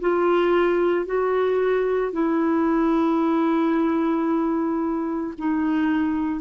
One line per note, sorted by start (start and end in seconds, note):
0.00 1.06 F4
1.06 2.12 F#4
2.12 5.34 E4
5.38 6.41 D#4